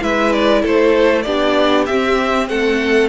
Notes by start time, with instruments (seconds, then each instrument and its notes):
0.00 cello G#3, viola E4, violin B4 E5
0.32 violin D5
0.62 cello A3, violin A4 C5
1.22 cello B3, viola D4, violin G4 D5
1.86 cello C4, viola C4, violin E5
2.49 cello A3, violin A4 F#5